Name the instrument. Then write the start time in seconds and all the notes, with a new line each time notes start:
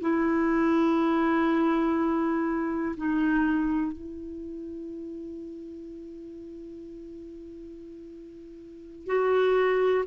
clarinet
0.00 E4
2.96 D#4
3.92 E4
9.06 F#4